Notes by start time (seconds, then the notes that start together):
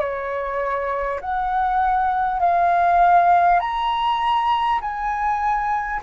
0.00 C#5
1.21 F#5
2.40 F5
3.60 A#5
4.81 G#5